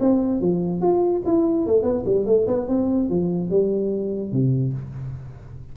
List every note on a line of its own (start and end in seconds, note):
0.00 0.41 C4
0.41 0.81 F3
0.81 1.23 F4
1.25 1.66 E4
1.66 1.83 A3
1.83 2.04 B3
2.06 2.26 G3
2.26 2.47 A3
2.47 2.68 B3
2.68 3.10 C4
3.10 3.50 F3
3.50 4.32 G3
4.32 4.73 C3